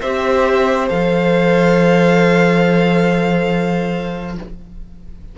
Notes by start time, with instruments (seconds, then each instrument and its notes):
0.00 cello C4, viola G4, violin C5 E5
0.88 cello F3, viola A4, violin F5